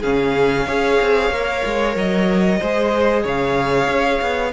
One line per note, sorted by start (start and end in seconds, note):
0.00 0.67 C#3
0.00 0.67 C#4
0.00 0.65 G#4
0.00 1.96 F5
0.66 0.99 C#4
0.66 1.32 G#4
0.66 2.59 C#5
1.01 1.30 C4
1.30 1.62 A#3
1.30 2.62 A#4
1.65 1.95 G#3
1.95 2.60 F#3
1.95 3.26 D#5
2.60 3.24 G#3
2.60 4.53 G#4
2.60 3.23 C5
3.23 3.88 C#3
3.23 4.52 C#5
3.23 4.53 F5
3.88 4.20 C#4
4.21 4.53 B3